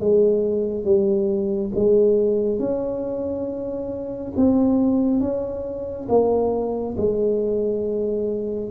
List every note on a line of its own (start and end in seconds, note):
0.00 0.84 G#3
0.84 1.71 G3
1.75 2.59 G#3
2.59 4.33 C#4
4.36 5.20 C4
5.20 6.07 C#4
6.09 6.96 A#3
6.97 8.70 G#3